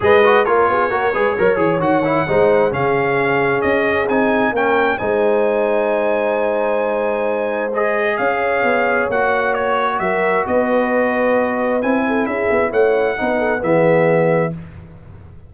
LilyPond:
<<
  \new Staff \with { instrumentName = "trumpet" } { \time 4/4 \tempo 4 = 132 dis''4 cis''2. | fis''2 f''2 | dis''4 gis''4 g''4 gis''4~ | gis''1~ |
gis''4 dis''4 f''2 | fis''4 cis''4 e''4 dis''4~ | dis''2 gis''4 e''4 | fis''2 e''2 | }
  \new Staff \with { instrumentName = "horn" } { \time 4/4 b'4 ais'8 gis'8 ais'8 b'8 cis''4~ | cis''4 c''4 gis'2~ | gis'2 ais'4 c''4~ | c''1~ |
c''2 cis''2~ | cis''2 ais'4 b'4~ | b'2~ b'8 a'8 gis'4 | cis''4 b'8 a'8 gis'2 | }
  \new Staff \with { instrumentName = "trombone" } { \time 4/4 gis'8 fis'8 f'4 fis'8 gis'8 ais'8 gis'8 | fis'8 e'8 dis'4 cis'2~ | cis'4 dis'4 cis'4 dis'4~ | dis'1~ |
dis'4 gis'2. | fis'1~ | fis'2 e'2~ | e'4 dis'4 b2 | }
  \new Staff \with { instrumentName = "tuba" } { \time 4/4 gis4 ais8 b8 ais8 gis8 fis8 e8 | dis4 gis4 cis2 | cis'4 c'4 ais4 gis4~ | gis1~ |
gis2 cis'4 b4 | ais2 fis4 b4~ | b2 c'4 cis'8 b8 | a4 b4 e2 | }
>>